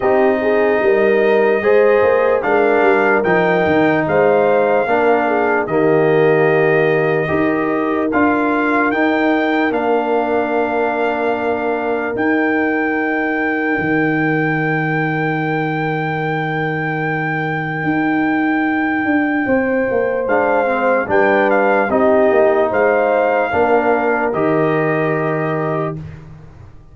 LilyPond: <<
  \new Staff \with { instrumentName = "trumpet" } { \time 4/4 \tempo 4 = 74 dis''2. f''4 | g''4 f''2 dis''4~ | dis''2 f''4 g''4 | f''2. g''4~ |
g''1~ | g''1~ | g''4 f''4 g''8 f''8 dis''4 | f''2 dis''2 | }
  \new Staff \with { instrumentName = "horn" } { \time 4/4 g'8 gis'8 ais'4 c''4 ais'4~ | ais'4 c''4 ais'8 gis'8 g'4~ | g'4 ais'2.~ | ais'1~ |
ais'1~ | ais'1 | c''2 b'4 g'4 | c''4 ais'2. | }
  \new Staff \with { instrumentName = "trombone" } { \time 4/4 dis'2 gis'4 d'4 | dis'2 d'4 ais4~ | ais4 g'4 f'4 dis'4 | d'2. dis'4~ |
dis'1~ | dis'1~ | dis'4 d'8 c'8 d'4 dis'4~ | dis'4 d'4 g'2 | }
  \new Staff \with { instrumentName = "tuba" } { \time 4/4 c'4 g4 gis8 ais8 gis8 g8 | f8 dis8 gis4 ais4 dis4~ | dis4 dis'4 d'4 dis'4 | ais2. dis'4~ |
dis'4 dis2.~ | dis2 dis'4. d'8 | c'8 ais8 gis4 g4 c'8 ais8 | gis4 ais4 dis2 | }
>>